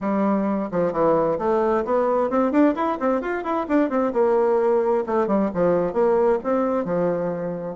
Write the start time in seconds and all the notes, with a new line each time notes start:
0.00 G3
0.71 F3
0.92 E3
1.38 A3
1.84 B3
2.30 C4
2.51 D4
2.75 E4
2.99 C4
3.21 F4
3.43 E4
3.68 D4
3.89 C4
4.12 A#3
5.06 A3
5.27 G3
5.53 F3
5.93 A#3
6.43 C4
6.85 F3